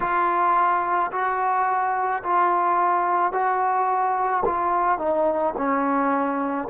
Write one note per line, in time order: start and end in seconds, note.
0.00 1.11 F4
1.11 2.22 F#4
2.23 3.32 F4
3.32 4.43 F#4
4.45 4.98 F4
4.98 5.54 D#4
5.57 6.68 C#4